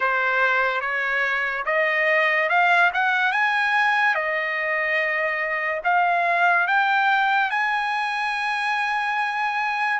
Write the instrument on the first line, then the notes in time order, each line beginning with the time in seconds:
trumpet
0.00 C5
0.81 C#5
1.65 D#5
2.49 F5
2.93 F#5
3.31 G#5
4.14 D#5
5.83 F5
6.67 G5
7.50 G#5